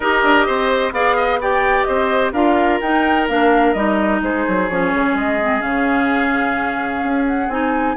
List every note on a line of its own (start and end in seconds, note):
0.00 0.23 D#4
0.00 0.93 G4
0.00 0.46 A#4
0.00 0.93 D#5
0.23 0.46 D4
0.46 0.91 C4
0.46 0.93 C5
0.91 1.85 B3
0.91 1.40 G#4
0.91 1.16 D5
0.91 1.40 F5
1.16 1.39 D#5
1.41 2.34 G4
1.41 1.87 D5
1.41 1.84 G5
1.84 2.32 C4
1.84 2.32 C5
1.84 2.30 D#5
2.32 2.79 D4
2.32 2.81 F4
2.32 4.20 A#4
2.32 2.80 F5
2.80 3.28 D#4
2.80 3.29 D#4
2.80 3.27 G5
3.28 3.74 A#3
3.28 3.75 D4
3.28 3.73 F5
3.73 4.21 G3
3.73 4.69 D#4
3.73 4.20 D#5
4.22 4.45 G#3
4.22 7.97 G#4
4.22 4.69 C5
4.47 4.69 F#3
4.69 4.92 F3
4.69 5.41 C#4
4.69 5.15 C#5
4.94 5.14 C#3
5.14 5.61 G#3
5.14 5.61 D#5
5.41 5.59 C4
5.59 7.03 C#3
5.59 7.47 C#4
5.59 7.25 F5
7.03 7.48 C#4
7.27 7.50 F#5
7.48 7.95 C4
7.48 7.97 D#4
7.48 7.97 G#5